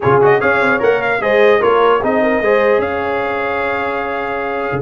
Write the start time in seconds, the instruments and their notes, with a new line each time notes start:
0.00 tuba C#3, trombone F4, horn G#4, trumpet C#5
0.21 trombone F#4, trumpet D#5
0.38 tuba C#4, trombone G#4, horn C#5, trumpet F5
0.61 tuba C4
0.79 tuba A#3, trombone A#4, trumpet F#5
1.02 trumpet F5
1.20 tuba G#3, trombone G#4, horn C5, trumpet D#5
1.59 tuba A#3, trombone F4, horn A#4, trumpet C#5
2.02 tuba C4, trombone D#4, horn G#4, trumpet D#5
2.22 horn A#4
2.40 tuba G#3, trombone G#4, horn C5
2.78 tuba C#4, horn C#5, trumpet F5
4.72 tuba C#3